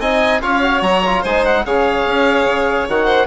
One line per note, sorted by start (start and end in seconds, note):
0.00 0.41 C4
0.00 0.42 D#4
0.00 0.41 D#5
0.00 0.42 G#5
0.42 0.82 C#4
0.42 0.62 F4
0.42 1.22 C#5
0.42 0.83 F5
0.62 1.03 F#4
0.82 1.23 F#3
0.82 1.23 A#5
1.06 1.26 F4
1.22 1.65 G#3
1.22 1.67 D#4
1.22 1.63 C5
1.22 1.45 G#5
1.45 1.66 F#5
1.65 2.06 C#3
1.65 2.89 G#4
1.65 3.06 C#5
1.65 2.88 F5
2.06 2.46 C#4
2.46 2.86 C#3
2.88 3.27 D#3
2.88 3.27 F#4
2.88 3.27 F#5
3.06 3.26 C5